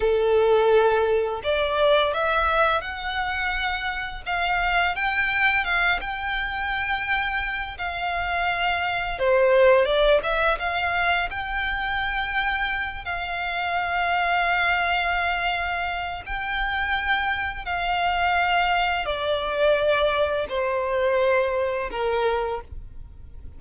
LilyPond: \new Staff \with { instrumentName = "violin" } { \time 4/4 \tempo 4 = 85 a'2 d''4 e''4 | fis''2 f''4 g''4 | f''8 g''2~ g''8 f''4~ | f''4 c''4 d''8 e''8 f''4 |
g''2~ g''8 f''4.~ | f''2. g''4~ | g''4 f''2 d''4~ | d''4 c''2 ais'4 | }